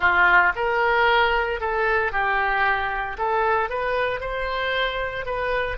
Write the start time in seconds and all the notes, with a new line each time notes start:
0.00 F4
0.55 A#4
1.60 A4
2.12 G4
3.18 A4
3.69 B4
4.20 C5
5.25 B4